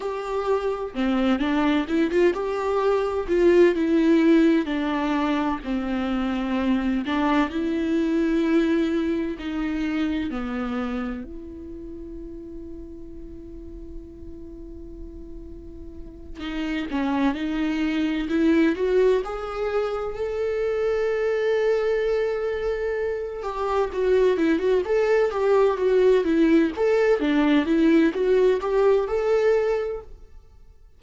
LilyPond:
\new Staff \with { instrumentName = "viola" } { \time 4/4 \tempo 4 = 64 g'4 c'8 d'8 e'16 f'16 g'4 f'8 | e'4 d'4 c'4. d'8 | e'2 dis'4 b4 | e'1~ |
e'4. dis'8 cis'8 dis'4 e'8 | fis'8 gis'4 a'2~ a'8~ | a'4 g'8 fis'8 e'16 fis'16 a'8 g'8 fis'8 | e'8 a'8 d'8 e'8 fis'8 g'8 a'4 | }